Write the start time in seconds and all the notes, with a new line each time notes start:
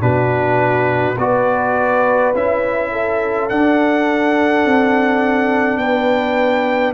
0.00 B2 D4 F#4 B4
1.18 B3 F#4 B4 D5
2.35 C#4 E4 E5
2.92 A4
3.49 D4 F#5
4.65 C4
5.78 B3 B4 G5